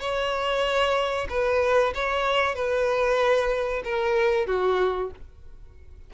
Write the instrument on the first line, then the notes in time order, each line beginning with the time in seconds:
violin
0.00 C#5
1.30 B4
1.95 C#5
2.55 B4
3.84 A#4
4.47 F#4